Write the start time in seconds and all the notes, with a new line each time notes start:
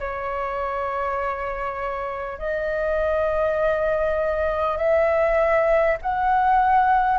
0.00 C#5
2.39 D#5
4.78 E5
6.03 F#5